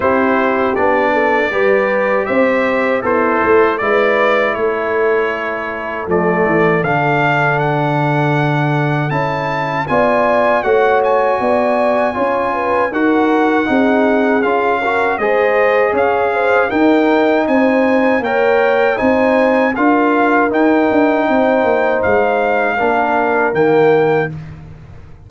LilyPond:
<<
  \new Staff \with { instrumentName = "trumpet" } { \time 4/4 \tempo 4 = 79 c''4 d''2 e''4 | c''4 d''4 cis''2 | d''4 f''4 fis''2 | a''4 gis''4 fis''8 gis''4.~ |
gis''4 fis''2 f''4 | dis''4 f''4 g''4 gis''4 | g''4 gis''4 f''4 g''4~ | g''4 f''2 g''4 | }
  \new Staff \with { instrumentName = "horn" } { \time 4/4 g'4. a'8 b'4 c''4 | e'4 b'4 a'2~ | a'1~ | a'4 d''4 cis''4 d''4 |
cis''8 b'8 ais'4 gis'4. ais'8 | c''4 cis''8 c''8 ais'4 c''4 | cis''4 c''4 ais'2 | c''2 ais'2 | }
  \new Staff \with { instrumentName = "trombone" } { \time 4/4 e'4 d'4 g'2 | a'4 e'2. | a4 d'2. | e'4 f'4 fis'2 |
f'4 fis'4 dis'4 f'8 fis'8 | gis'2 dis'2 | ais'4 dis'4 f'4 dis'4~ | dis'2 d'4 ais4 | }
  \new Staff \with { instrumentName = "tuba" } { \time 4/4 c'4 b4 g4 c'4 | b8 a8 gis4 a2 | f8 e8 d2. | cis'4 b4 a4 b4 |
cis'4 dis'4 c'4 cis'4 | gis4 cis'4 dis'4 c'4 | ais4 c'4 d'4 dis'8 d'8 | c'8 ais8 gis4 ais4 dis4 | }
>>